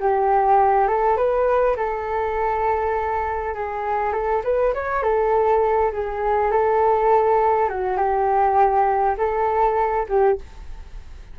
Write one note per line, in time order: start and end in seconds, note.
0.00 0.88 G4
0.88 1.17 A4
1.17 1.76 B4
1.77 3.55 A4
3.55 4.13 G#4
4.13 4.43 A4
4.44 4.74 B4
4.74 5.03 C#5
5.03 5.92 A4
5.92 6.51 G#4
6.51 7.69 A4
7.69 7.97 F#4
7.97 9.16 G4
9.18 10.07 A4
10.09 10.39 G4